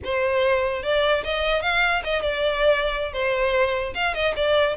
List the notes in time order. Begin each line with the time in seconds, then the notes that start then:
0.04 C5
0.83 D5
1.24 D#5
1.62 F5
2.04 D#5
2.21 D5
3.12 C5
3.94 F5
4.14 D#5
4.36 D5